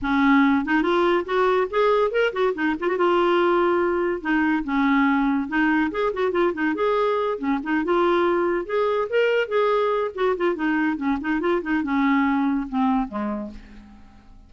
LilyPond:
\new Staff \with { instrumentName = "clarinet" } { \time 4/4 \tempo 4 = 142 cis'4. dis'8 f'4 fis'4 | gis'4 ais'8 fis'8 dis'8 f'16 fis'16 f'4~ | f'2 dis'4 cis'4~ | cis'4 dis'4 gis'8 fis'8 f'8 dis'8 |
gis'4. cis'8 dis'8 f'4.~ | f'8 gis'4 ais'4 gis'4. | fis'8 f'8 dis'4 cis'8 dis'8 f'8 dis'8 | cis'2 c'4 gis4 | }